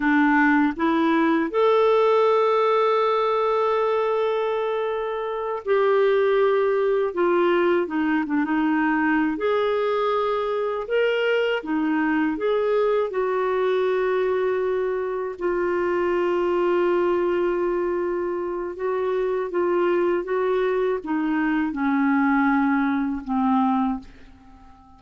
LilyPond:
\new Staff \with { instrumentName = "clarinet" } { \time 4/4 \tempo 4 = 80 d'4 e'4 a'2~ | a'2.~ a'8 g'8~ | g'4. f'4 dis'8 d'16 dis'8.~ | dis'8 gis'2 ais'4 dis'8~ |
dis'8 gis'4 fis'2~ fis'8~ | fis'8 f'2.~ f'8~ | f'4 fis'4 f'4 fis'4 | dis'4 cis'2 c'4 | }